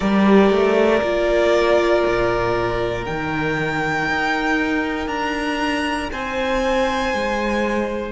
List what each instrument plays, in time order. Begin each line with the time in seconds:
0.00 cello G3, viola G4, violin A#4 D5
0.50 cello A3
1.01 cello A#3, viola F4
2.06 cello A#2
3.04 cello D#3, viola D#4, violin G5
4.08 cello D#4
5.07 cello D4, violin A#5
6.11 cello C4, violin C5 G#5
7.13 cello G#3